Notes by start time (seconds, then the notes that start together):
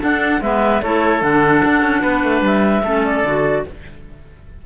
0.00 D4 A4 F#5
0.41 G#3 B3 B4 E5
0.83 A3 E4 A4 C#5
1.22 D3 D4 F#5
1.65 D4
1.83 C#4
2.02 B3 B4
2.24 A3
2.42 G3 E5
2.84 A3 C#4 A4
3.05 D5
3.24 D3 F#4